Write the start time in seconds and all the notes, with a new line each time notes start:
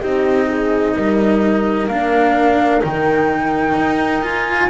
0.00 C4 D#4 G4 D#5
0.48 G#4
0.96 G3 A#4
1.88 A#3 D4 F5
2.81 D#3 D#4 G5
3.75 D#4
4.22 F4 G#5